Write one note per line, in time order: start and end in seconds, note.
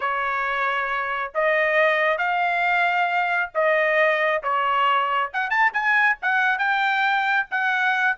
0.00 1.32 C#5
1.34 2.17 D#5
2.17 3.50 F5
3.54 4.42 D#5
4.42 5.31 C#5
5.33 5.50 F#5
5.50 5.72 A5
5.73 6.17 G#5
6.21 6.58 F#5
6.58 7.46 G5
7.51 8.17 F#5